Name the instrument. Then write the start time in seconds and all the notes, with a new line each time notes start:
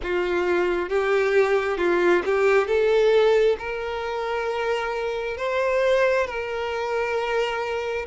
violin
0.02 F4
0.89 G4
1.77 F4
2.25 G4
2.67 A4
3.58 A#4
5.37 C5
6.26 A#4